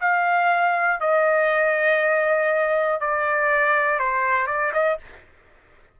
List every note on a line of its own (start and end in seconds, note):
0.00 1.00 F5
1.00 3.00 D#5
3.00 3.99 D5
3.99 4.47 C5
4.47 4.72 D5
4.73 4.98 D#5